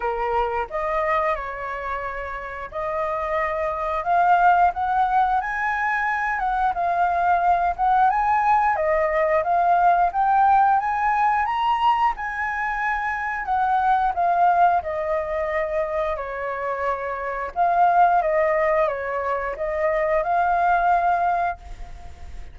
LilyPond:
\new Staff \with { instrumentName = "flute" } { \time 4/4 \tempo 4 = 89 ais'4 dis''4 cis''2 | dis''2 f''4 fis''4 | gis''4. fis''8 f''4. fis''8 | gis''4 dis''4 f''4 g''4 |
gis''4 ais''4 gis''2 | fis''4 f''4 dis''2 | cis''2 f''4 dis''4 | cis''4 dis''4 f''2 | }